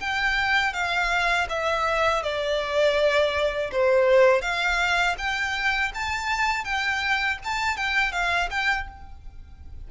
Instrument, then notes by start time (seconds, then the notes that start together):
violin
0.00 G5
0.73 F5
1.49 E5
2.23 D5
3.72 C5
4.42 F5
5.18 G5
5.95 A5
6.65 G5
7.44 A5
7.77 G5
8.12 F5
8.51 G5